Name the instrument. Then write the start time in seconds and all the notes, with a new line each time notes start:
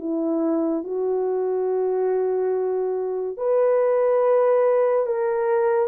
horn
0.00 E4
0.84 F#4
3.38 B4
5.07 A#4